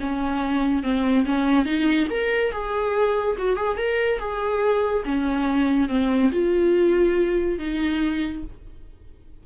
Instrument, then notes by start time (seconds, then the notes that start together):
viola
0.00 C#4
0.83 C4
1.25 C#4
1.65 D#4
2.10 A#4
2.51 G#4
3.38 F#4
3.56 G#4
3.77 A#4
4.19 G#4
5.05 C#4
5.88 C4
6.31 F4
7.58 D#4